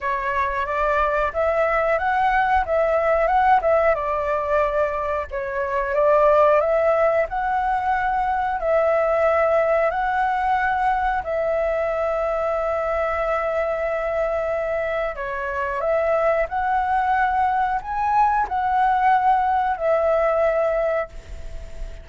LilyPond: \new Staff \with { instrumentName = "flute" } { \time 4/4 \tempo 4 = 91 cis''4 d''4 e''4 fis''4 | e''4 fis''8 e''8 d''2 | cis''4 d''4 e''4 fis''4~ | fis''4 e''2 fis''4~ |
fis''4 e''2.~ | e''2. cis''4 | e''4 fis''2 gis''4 | fis''2 e''2 | }